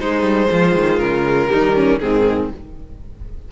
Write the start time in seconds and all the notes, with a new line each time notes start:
0.00 G#3 D#4 C5
0.22 G3
0.51 F3 F4
0.75 D#3
0.99 C#3 A#4
1.49 D#3 G3 D#4
1.76 C#4
2.00 G#2 D#3 C4 G#4